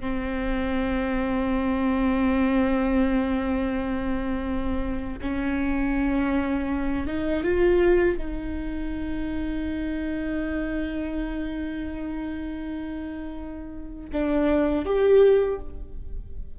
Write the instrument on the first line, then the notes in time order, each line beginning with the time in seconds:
viola
0.00 C4
5.21 C#4
7.07 D#4
7.44 F4
8.18 D#4
14.12 D4
14.85 G4